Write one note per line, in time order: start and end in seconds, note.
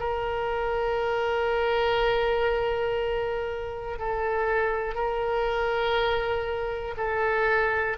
0.00 3.99 A#4
3.99 4.95 A4
4.95 6.95 A#4
6.97 7.97 A4